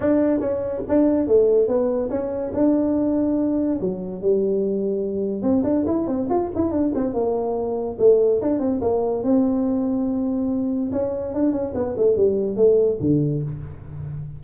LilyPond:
\new Staff \with { instrumentName = "tuba" } { \time 4/4 \tempo 4 = 143 d'4 cis'4 d'4 a4 | b4 cis'4 d'2~ | d'4 fis4 g2~ | g4 c'8 d'8 e'8 c'8 f'8 e'8 |
d'8 c'8 ais2 a4 | d'8 c'8 ais4 c'2~ | c'2 cis'4 d'8 cis'8 | b8 a8 g4 a4 d4 | }